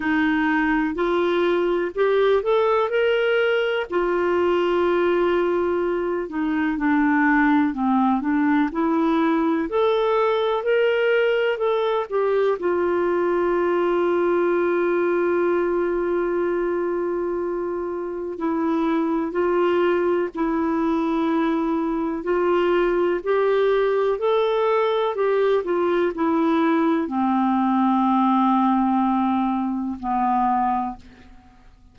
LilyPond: \new Staff \with { instrumentName = "clarinet" } { \time 4/4 \tempo 4 = 62 dis'4 f'4 g'8 a'8 ais'4 | f'2~ f'8 dis'8 d'4 | c'8 d'8 e'4 a'4 ais'4 | a'8 g'8 f'2.~ |
f'2. e'4 | f'4 e'2 f'4 | g'4 a'4 g'8 f'8 e'4 | c'2. b4 | }